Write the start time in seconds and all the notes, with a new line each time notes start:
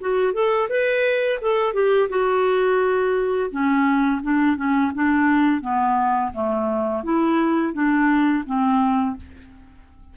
0.00 F#4
0.33 A4
0.69 B4
1.41 A4
1.74 G4
2.09 F#4
3.50 C#4
4.22 D4
4.56 C#4
4.94 D4
5.61 B3
6.33 A3
7.03 E4
7.73 D4
8.46 C4